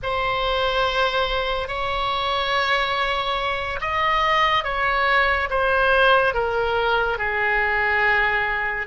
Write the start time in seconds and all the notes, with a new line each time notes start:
0.02 C5
1.68 C#5
3.80 D#5
4.64 C#5
5.50 C5
6.33 A#4
7.18 G#4